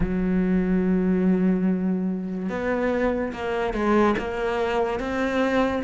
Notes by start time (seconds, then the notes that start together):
0.00 F#3
2.49 B3
3.33 A#3
3.73 G#3
4.18 A#3
4.99 C4